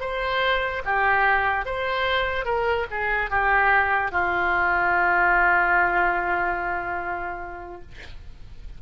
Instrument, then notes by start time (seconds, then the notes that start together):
oboe
0.00 C5
0.85 G4
1.65 C5
2.45 A#4
2.90 G#4
3.30 G4
4.11 F4